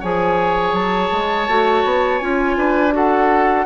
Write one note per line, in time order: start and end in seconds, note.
0.00 0.72 F3
0.00 1.48 G#4
0.00 2.56 C#5
0.00 0.75 G#5
0.72 1.09 F#3
0.72 2.19 A5
1.11 1.48 G#3
1.48 1.84 A3
1.48 2.21 F#4
1.84 2.20 B3
2.19 2.56 C#4
2.19 2.91 F4
2.19 2.92 G#5
2.56 3.66 D4
2.56 2.94 B4
2.91 3.64 F#4
2.91 3.66 A4
2.91 3.66 F#5